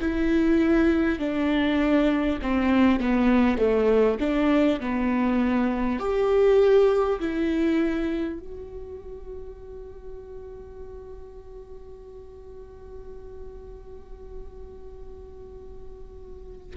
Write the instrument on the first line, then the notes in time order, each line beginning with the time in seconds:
viola
0.00 E4
1.19 D4
2.42 C4
3.00 B3
3.58 A3
4.19 D4
4.80 B3
5.99 G4
7.20 E4
8.39 F#4